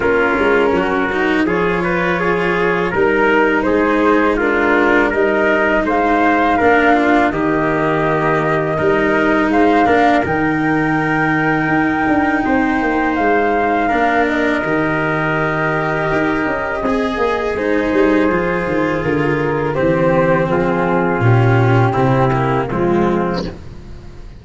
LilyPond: <<
  \new Staff \with { instrumentName = "flute" } { \time 4/4 \tempo 4 = 82 ais'2 cis''2 | ais'4 c''4 ais'4 dis''4 | f''2 dis''2~ | dis''4 f''4 g''2~ |
g''2 f''4. dis''8~ | dis''1 | c''2 ais'4 c''4 | gis'4 g'2 f'4 | }
  \new Staff \with { instrumentName = "trumpet" } { \time 4/4 f'4 fis'4 gis'8 b'8 gis'4 | ais'4 gis'4 f'4 ais'4 | c''4 ais'8 f'8 g'2 | ais'4 c''8 ais'2~ ais'8~ |
ais'4 c''2 ais'4~ | ais'2. gis'4~ | gis'2. g'4 | f'2 e'4 c'4 | }
  \new Staff \with { instrumentName = "cello" } { \time 4/4 cis'4. dis'8 f'2 | dis'2 d'4 dis'4~ | dis'4 d'4 ais2 | dis'4. d'8 dis'2~ |
dis'2. d'4 | g'2. gis'4 | dis'4 f'2 c'4~ | c'4 cis'4 c'8 ais8 gis4 | }
  \new Staff \with { instrumentName = "tuba" } { \time 4/4 ais8 gis8 fis4 f2 | g4 gis2 g4 | gis4 ais4 dis2 | g4 gis8 ais8 dis2 |
dis'8 d'8 c'8 ais8 gis4 ais4 | dis2 dis'8 cis'8 c'8 ais8 | gis8 g8 f8 dis8 d4 e4 | f4 ais,4 c4 f4 | }
>>